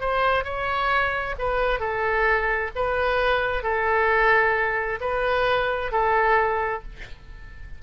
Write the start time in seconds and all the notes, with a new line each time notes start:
0.00 C5
0.44 C#5
1.38 B4
1.79 A4
2.75 B4
3.63 A4
5.00 B4
5.91 A4